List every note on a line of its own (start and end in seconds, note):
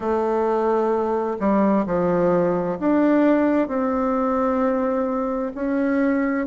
0.00 1.37 A3
1.39 1.85 G3
1.86 2.78 F3
2.79 3.68 D4
3.68 5.52 C4
5.54 6.47 C#4